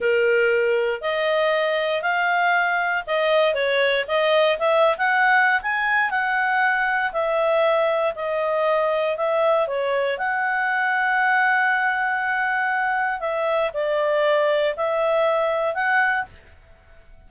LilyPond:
\new Staff \with { instrumentName = "clarinet" } { \time 4/4 \tempo 4 = 118 ais'2 dis''2 | f''2 dis''4 cis''4 | dis''4 e''8. fis''4~ fis''16 gis''4 | fis''2 e''2 |
dis''2 e''4 cis''4 | fis''1~ | fis''2 e''4 d''4~ | d''4 e''2 fis''4 | }